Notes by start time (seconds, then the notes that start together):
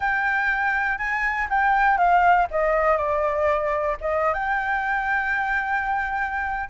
0.00 G5
0.98 G#5
1.49 G5
1.97 F5
2.50 D#5
2.97 D5
4.00 D#5
4.33 G5